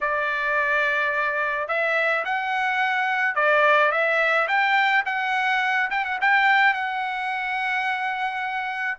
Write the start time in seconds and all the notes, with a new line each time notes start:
0.01 D5
1.68 E5
2.24 F#5
3.35 D5
3.91 E5
4.48 G5
5.05 F#5
5.90 G5
6.05 F#5
6.21 G5
6.73 F#5